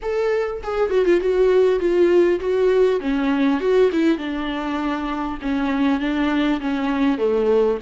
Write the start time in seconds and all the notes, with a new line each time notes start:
0.02 A4
0.63 G#4
0.90 F#4
1.05 F4
1.20 F#4
1.79 F4
2.40 F#4
3.00 C#4
3.60 F#4
3.92 E4
4.18 D4
5.41 C#4
6.00 D4
6.60 C#4
7.18 A3